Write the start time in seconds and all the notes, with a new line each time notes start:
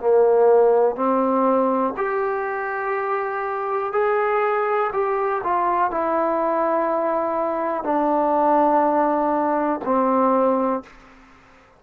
0.00 A#3
0.96 C4
1.97 G4
3.93 G#4
4.93 G4
5.44 F4
5.91 E4
7.84 D4
9.85 C4